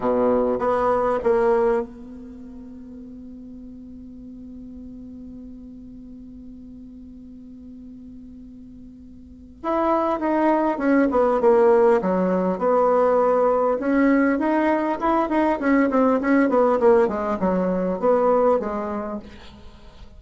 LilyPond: \new Staff \with { instrumentName = "bassoon" } { \time 4/4 \tempo 4 = 100 b,4 b4 ais4 b4~ | b1~ | b1~ | b1 |
e'4 dis'4 cis'8 b8 ais4 | fis4 b2 cis'4 | dis'4 e'8 dis'8 cis'8 c'8 cis'8 b8 | ais8 gis8 fis4 b4 gis4 | }